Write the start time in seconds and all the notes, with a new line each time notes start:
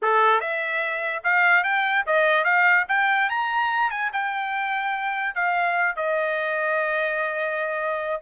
0.02 A4
0.40 E5
1.23 F5
1.63 G5
2.06 D#5
2.44 F5
2.88 G5
3.29 A#5
3.90 G#5
4.12 G5
5.34 F5
5.96 D#5